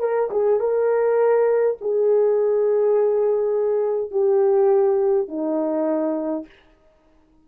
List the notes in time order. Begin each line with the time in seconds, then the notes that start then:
0.00 A#4
0.30 G#4
0.60 A#4
1.81 G#4
4.11 G4
5.28 D#4